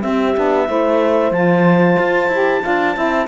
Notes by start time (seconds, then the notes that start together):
0.00 C4 G4 E5
0.35 B3 D4
0.67 A3 E4 C5
1.31 F3 F4 A5
1.98 F4
2.27 E4 G4
2.62 D4 F4 F5
2.94 C4 E4 E5